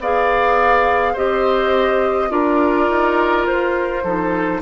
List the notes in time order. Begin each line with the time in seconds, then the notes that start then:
0.00 B3 G#4 D5 F5
1.13 C4 G4 C5 D#5
2.29 D4 F4 A#4 D5
2.89 D#4
3.46 F4 C5
4.04 F3 D#4 A4